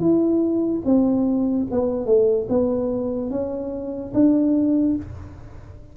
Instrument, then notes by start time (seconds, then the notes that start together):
tuba
0.00 E4
0.85 C4
1.71 B3
2.06 A3
2.49 B3
3.31 C#4
4.14 D4